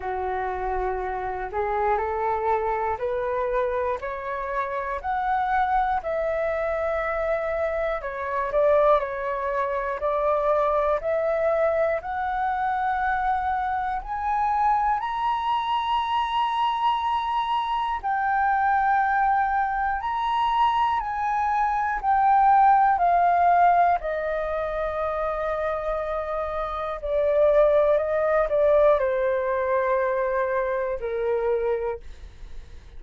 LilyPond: \new Staff \with { instrumentName = "flute" } { \time 4/4 \tempo 4 = 60 fis'4. gis'8 a'4 b'4 | cis''4 fis''4 e''2 | cis''8 d''8 cis''4 d''4 e''4 | fis''2 gis''4 ais''4~ |
ais''2 g''2 | ais''4 gis''4 g''4 f''4 | dis''2. d''4 | dis''8 d''8 c''2 ais'4 | }